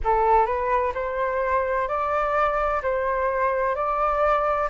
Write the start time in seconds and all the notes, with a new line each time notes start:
0.04 A4
0.46 B4
0.94 C5
1.87 D5
2.82 C5
3.75 D5